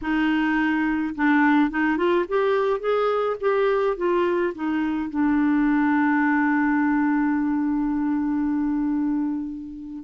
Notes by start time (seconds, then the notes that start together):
0.01 D#4
1.15 D4
1.70 D#4
1.97 F4
2.28 G4
2.79 G#4
3.40 G4
3.96 F4
4.54 D#4
5.09 D4